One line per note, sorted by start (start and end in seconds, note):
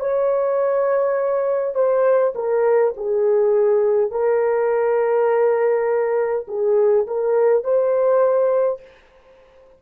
0.00 1.75 C#5
1.75 2.34 C5
2.35 2.94 A#4
2.97 4.11 G#4
4.11 6.47 A#4
6.48 7.07 G#4
7.07 7.64 A#4
7.64 8.82 C5